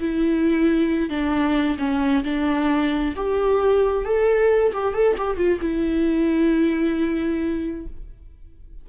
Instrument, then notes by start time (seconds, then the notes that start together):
viola
0.00 E4
1.10 D4
1.79 C#4
2.24 D4
3.16 G4
4.05 A4
4.74 G4
4.94 A4
5.18 G4
5.37 F4
5.61 E4